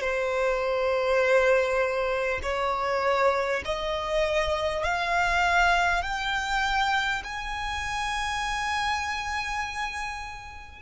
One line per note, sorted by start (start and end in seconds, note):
0.00 2.40 C5
2.43 3.63 C#5
3.65 4.84 D#5
4.84 6.02 F5
6.02 7.22 G5
7.23 10.82 G#5